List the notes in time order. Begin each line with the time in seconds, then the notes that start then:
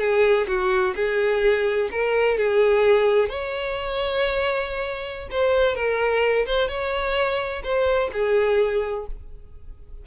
0.00 G#4
0.48 F#4
0.95 G#4
1.91 A#4
2.38 G#4
3.29 C#5
5.31 C5
5.75 A#4
6.46 C5
6.69 C#5
7.64 C5
8.13 G#4